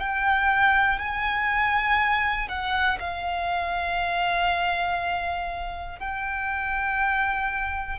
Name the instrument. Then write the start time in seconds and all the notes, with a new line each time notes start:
violin
0.00 G5
0.99 G#5
2.49 F#5
3.00 F5
6.00 G5